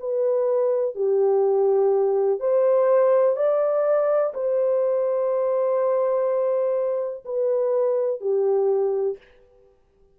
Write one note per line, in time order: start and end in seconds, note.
0.00 0.95 B4
0.95 2.40 G4
2.40 3.37 C5
3.37 4.33 D5
4.34 7.24 C5
7.25 8.21 B4
8.21 9.18 G4